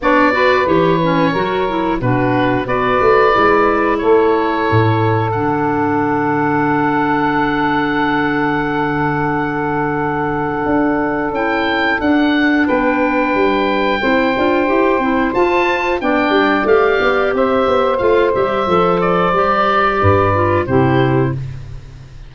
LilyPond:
<<
  \new Staff \with { instrumentName = "oboe" } { \time 4/4 \tempo 4 = 90 d''4 cis''2 b'4 | d''2 cis''2 | fis''1~ | fis''1~ |
fis''4 g''4 fis''4 g''4~ | g''2. a''4 | g''4 f''4 e''4 f''8 e''8~ | e''8 d''2~ d''8 c''4 | }
  \new Staff \with { instrumentName = "saxophone" } { \time 4/4 cis''8 b'4. ais'4 fis'4 | b'2 a'2~ | a'1~ | a'1~ |
a'2. b'4~ | b'4 c''2. | d''2 c''2~ | c''2 b'4 g'4 | }
  \new Staff \with { instrumentName = "clarinet" } { \time 4/4 d'8 fis'8 g'8 cis'8 fis'8 e'8 d'4 | fis'4 e'2. | d'1~ | d'1~ |
d'4 e'4 d'2~ | d'4 e'8 f'8 g'8 e'8 f'4 | d'4 g'2 f'8 g'8 | a'4 g'4. f'8 e'4 | }
  \new Staff \with { instrumentName = "tuba" } { \time 4/4 b4 e4 fis4 b,4 | b8 a8 gis4 a4 a,4 | d1~ | d1 |
d'4 cis'4 d'4 b4 | g4 c'8 d'8 e'8 c'8 f'4 | b8 g8 a8 b8 c'8 b8 a8 g8 | f4 g4 g,4 c4 | }
>>